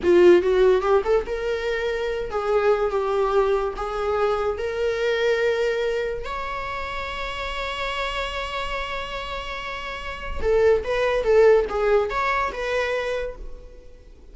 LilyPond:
\new Staff \with { instrumentName = "viola" } { \time 4/4 \tempo 4 = 144 f'4 fis'4 g'8 a'8 ais'4~ | ais'4. gis'4. g'4~ | g'4 gis'2 ais'4~ | ais'2. cis''4~ |
cis''1~ | cis''1~ | cis''4 a'4 b'4 a'4 | gis'4 cis''4 b'2 | }